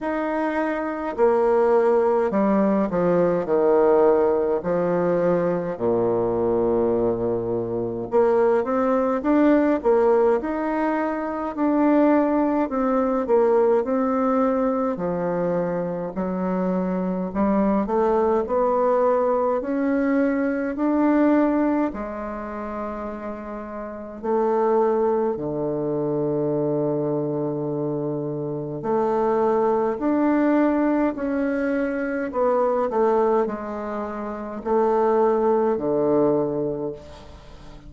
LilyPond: \new Staff \with { instrumentName = "bassoon" } { \time 4/4 \tempo 4 = 52 dis'4 ais4 g8 f8 dis4 | f4 ais,2 ais8 c'8 | d'8 ais8 dis'4 d'4 c'8 ais8 | c'4 f4 fis4 g8 a8 |
b4 cis'4 d'4 gis4~ | gis4 a4 d2~ | d4 a4 d'4 cis'4 | b8 a8 gis4 a4 d4 | }